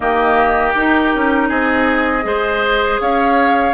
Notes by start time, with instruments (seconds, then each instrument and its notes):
0.00 bassoon D#3, clarinet A#3, oboe G4, flute D#5
0.74 clarinet D#4, bassoon D#4, flute A#4
1.14 bassoon C#4
1.48 bassoon C4, oboe G#4, flute D#5
2.22 bassoon G#3, clarinet G#4, oboe C5
3.00 bassoon C#4, oboe C#5, flute F5